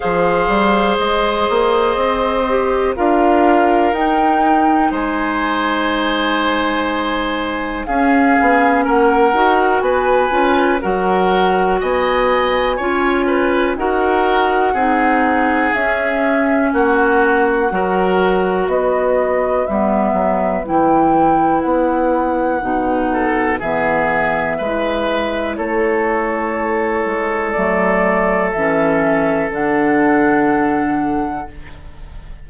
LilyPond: <<
  \new Staff \with { instrumentName = "flute" } { \time 4/4 \tempo 4 = 61 f''4 dis''2 f''4 | g''4 gis''2. | f''4 fis''4 gis''4 fis''4 | gis''2 fis''2 |
e''4 fis''2 dis''4 | e''4 g''4 fis''2 | e''2 cis''2 | d''4 e''4 fis''2 | }
  \new Staff \with { instrumentName = "oboe" } { \time 4/4 c''2. ais'4~ | ais'4 c''2. | gis'4 ais'4 b'4 ais'4 | dis''4 cis''8 b'8 ais'4 gis'4~ |
gis'4 fis'4 ais'4 b'4~ | b'2.~ b'8 a'8 | gis'4 b'4 a'2~ | a'1 | }
  \new Staff \with { instrumentName = "clarinet" } { \time 4/4 gis'2~ gis'8 g'8 f'4 | dis'1 | cis'4. fis'4 f'8 fis'4~ | fis'4 f'4 fis'4 dis'4 |
cis'2 fis'2 | b4 e'2 dis'4 | b4 e'2. | a4 cis'4 d'2 | }
  \new Staff \with { instrumentName = "bassoon" } { \time 4/4 f8 g8 gis8 ais8 c'4 d'4 | dis'4 gis2. | cis'8 b8 ais8 dis'8 b8 cis'8 fis4 | b4 cis'4 dis'4 c'4 |
cis'4 ais4 fis4 b4 | g8 fis8 e4 b4 b,4 | e4 gis4 a4. gis8 | fis4 e4 d2 | }
>>